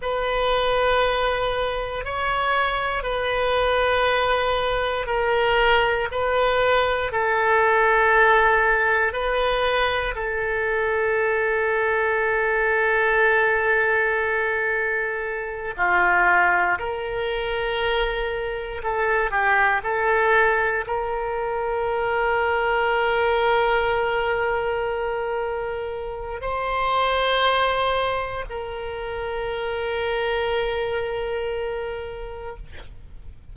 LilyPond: \new Staff \with { instrumentName = "oboe" } { \time 4/4 \tempo 4 = 59 b'2 cis''4 b'4~ | b'4 ais'4 b'4 a'4~ | a'4 b'4 a'2~ | a'2.~ a'8 f'8~ |
f'8 ais'2 a'8 g'8 a'8~ | a'8 ais'2.~ ais'8~ | ais'2 c''2 | ais'1 | }